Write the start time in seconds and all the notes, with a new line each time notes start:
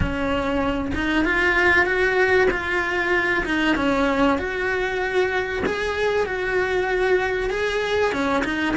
0.00 C#4
0.95 D#4
1.24 F4
1.85 F#4
2.50 F4
3.45 D#4
3.76 C#4
4.38 F#4
5.66 G#4
6.26 F#4
7.49 G#4
8.12 C#4
8.43 D#4